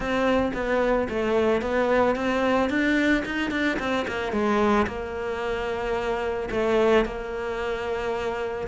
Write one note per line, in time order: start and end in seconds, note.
0.00 0.52 C4
0.53 1.07 B3
1.09 1.61 A3
1.61 2.15 B3
2.15 2.69 C4
2.69 3.23 D4
3.25 3.50 D#4
3.50 3.77 D4
3.79 4.06 C4
4.07 4.32 A#3
4.32 4.86 G#3
4.86 6.49 A#3
6.51 7.05 A3
7.05 8.67 A#3